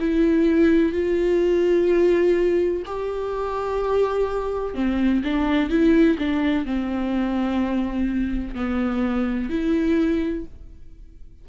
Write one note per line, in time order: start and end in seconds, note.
0.00 0.93 E4
0.93 2.83 F4
2.86 4.75 G4
4.75 5.23 C4
5.24 5.70 D4
5.70 6.18 E4
6.19 6.65 D4
6.65 8.55 C4
8.55 9.50 B3
9.50 10.45 E4